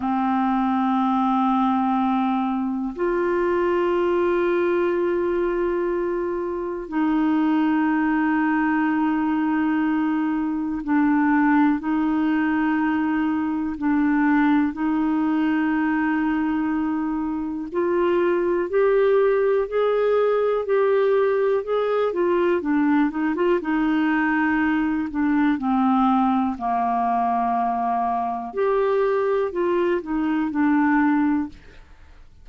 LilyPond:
\new Staff \with { instrumentName = "clarinet" } { \time 4/4 \tempo 4 = 61 c'2. f'4~ | f'2. dis'4~ | dis'2. d'4 | dis'2 d'4 dis'4~ |
dis'2 f'4 g'4 | gis'4 g'4 gis'8 f'8 d'8 dis'16 f'16 | dis'4. d'8 c'4 ais4~ | ais4 g'4 f'8 dis'8 d'4 | }